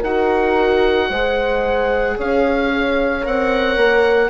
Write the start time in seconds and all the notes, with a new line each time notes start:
0.00 D#4 F#4 A#4 F#5
1.09 G#3 G#4 C5
2.17 C#4 C#5 F5
3.22 C4 A#4 F#5
3.77 A#3